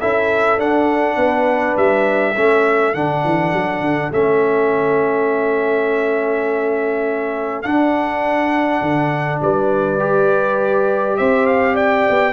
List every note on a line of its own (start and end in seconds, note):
0.00 0.57 C#4
0.00 0.58 E4
0.00 1.17 A4
0.00 0.59 E5
0.57 1.16 D4
0.57 2.35 D4
0.57 1.77 F#5
1.16 1.75 B3
1.16 2.34 B4
1.77 2.35 G3
1.77 2.94 E5
2.34 2.94 A3
2.34 2.95 C#4
2.34 9.40 A4
2.94 3.24 D3
2.94 4.12 D4
2.94 4.12 F#5
3.25 3.52 E3
3.52 3.81 F#3
3.81 4.10 D3
4.11 7.64 A3
4.11 7.64 C#4
4.11 7.62 E5
7.62 9.99 D4
7.62 8.81 D4
7.62 9.38 F#5
8.81 9.40 D3
9.41 11.18 G3
9.41 11.18 B4
9.41 11.17 D5
9.99 12.33 G4
11.17 12.07 C4
11.17 11.73 C5
11.17 11.46 E5
11.46 11.75 F5
11.73 12.32 D5
11.73 12.33 G5
12.09 12.33 B3